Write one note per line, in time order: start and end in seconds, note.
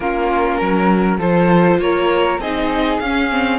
0.00 0.60 A#3
0.00 1.20 C#4
0.00 0.57 F4
0.00 1.19 A#4
0.57 1.18 F#3
0.57 1.17 A#4
1.18 1.78 F3
1.18 2.41 F4
1.18 1.78 A4
1.18 1.80 C5
1.78 2.38 A#3
1.78 2.41 A#4
1.78 2.40 C#5
2.38 2.98 C4
2.38 3.02 D#4
2.38 3.58 G#4
2.38 2.99 D#5
2.99 3.58 C#4
2.99 3.30 C#4
2.99 3.58 F5
3.30 3.58 C4